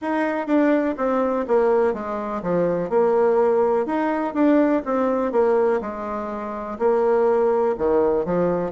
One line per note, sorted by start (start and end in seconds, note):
0.01 0.47 D#4
0.47 0.95 D4
0.97 1.45 C4
1.47 1.94 A#3
1.94 2.42 G#3
2.42 2.89 F3
2.89 3.85 A#3
3.85 4.34 D#4
4.34 4.82 D4
4.85 5.32 C4
5.32 5.80 A#3
5.81 6.77 G#3
6.78 7.75 A#3
7.77 8.25 D#3
8.25 8.71 F3